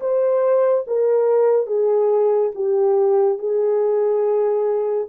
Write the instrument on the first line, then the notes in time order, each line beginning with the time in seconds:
horn
0.00 C5
0.87 A#4
1.67 G#4
2.55 G4
3.39 G#4